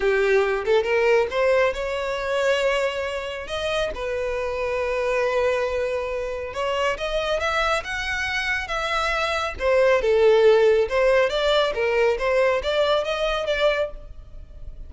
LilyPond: \new Staff \with { instrumentName = "violin" } { \time 4/4 \tempo 4 = 138 g'4. a'8 ais'4 c''4 | cis''1 | dis''4 b'2.~ | b'2. cis''4 |
dis''4 e''4 fis''2 | e''2 c''4 a'4~ | a'4 c''4 d''4 ais'4 | c''4 d''4 dis''4 d''4 | }